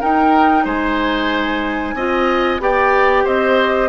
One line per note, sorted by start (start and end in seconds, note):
0.00 1.97 D#4
0.00 0.65 D#4
0.00 0.64 A#4
0.00 0.66 G5
0.64 1.94 G#3
0.64 1.94 C5
0.64 2.61 G#5
1.94 2.59 C4
1.94 2.60 F4
1.94 2.61 D#5
2.59 3.25 B3
2.59 3.89 G4
2.59 3.24 D5
2.59 3.26 G5
3.24 3.89 C4
3.24 3.89 C5
3.24 3.89 D#5